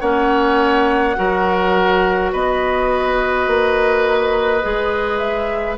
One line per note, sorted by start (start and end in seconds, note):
0.00 1.16 A#3
0.00 1.15 C#4
0.00 1.16 C#5
0.00 2.31 F#5
1.15 2.33 F#3
1.15 4.61 F#4
1.15 2.32 A#4
2.32 3.47 B3
2.32 5.77 B4
2.32 5.18 D#5
3.47 4.62 A#3
4.62 5.77 G#3
4.62 5.77 G#4
5.18 5.75 E5